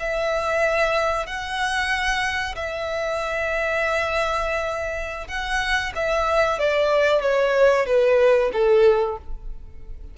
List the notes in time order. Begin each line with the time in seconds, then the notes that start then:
0.00 E5
1.27 F#5
2.56 E5
5.28 F#5
5.95 E5
6.59 D5
7.22 C#5
7.87 B4
8.53 A4